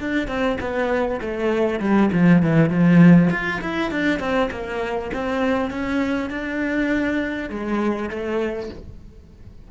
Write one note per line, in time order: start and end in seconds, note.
0.00 0.28 D4
0.28 0.58 C4
0.60 1.20 B3
1.21 1.80 A3
1.80 2.10 G3
2.13 2.42 F3
2.42 2.69 E3
2.69 3.29 F3
3.30 3.60 F4
3.61 3.91 E4
3.91 4.20 D4
4.20 4.50 C4
4.51 5.11 A#3
5.13 5.70 C4
5.70 6.30 C#4
6.30 7.49 D4
7.49 8.09 G#3
8.09 8.69 A3